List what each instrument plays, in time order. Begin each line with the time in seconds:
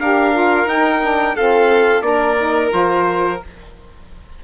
0.00 bassoon D4, saxophone G4, violin A#4, trumpet F5
0.33 saxophone F4
0.66 bassoon D#4, saxophone D#4, trumpet G5
1.02 saxophone D4
1.36 saxophone C4, bassoon F4, violin A4, trumpet F5
2.02 bassoon A#3, saxophone D4, violin A#4, trumpet D5
2.38 saxophone D#4
2.72 bassoon F3, saxophone F4, trumpet C5